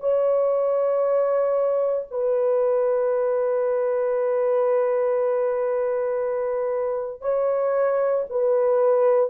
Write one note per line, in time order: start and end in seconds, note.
0.00 2.07 C#5
2.11 7.21 B4
7.21 8.25 C#5
8.30 9.30 B4